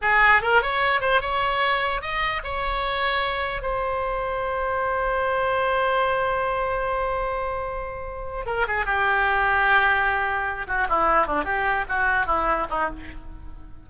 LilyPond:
\new Staff \with { instrumentName = "oboe" } { \time 4/4 \tempo 4 = 149 gis'4 ais'8 cis''4 c''8 cis''4~ | cis''4 dis''4 cis''2~ | cis''4 c''2.~ | c''1~ |
c''1~ | c''4 ais'8 gis'8 g'2~ | g'2~ g'8 fis'8 e'4 | d'8 g'4 fis'4 e'4 dis'8 | }